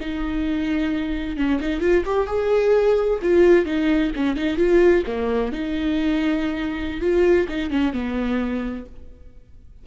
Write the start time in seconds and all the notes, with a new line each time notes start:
0.00 D#4
1.37 C#4
1.60 D#4
1.80 F4
2.05 G4
2.27 G#4
3.22 F4
3.65 D#4
4.16 C#4
4.36 D#4
4.57 F4
5.06 A#3
5.52 D#4
7.00 F4
7.49 D#4
7.70 C#4
7.93 B3